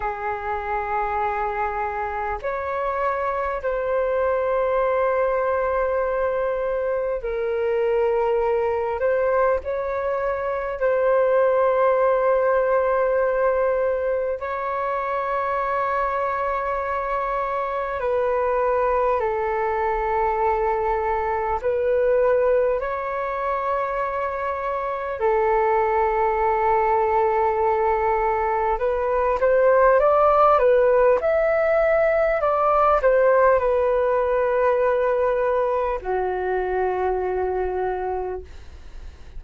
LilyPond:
\new Staff \with { instrumentName = "flute" } { \time 4/4 \tempo 4 = 50 gis'2 cis''4 c''4~ | c''2 ais'4. c''8 | cis''4 c''2. | cis''2. b'4 |
a'2 b'4 cis''4~ | cis''4 a'2. | b'8 c''8 d''8 b'8 e''4 d''8 c''8 | b'2 fis'2 | }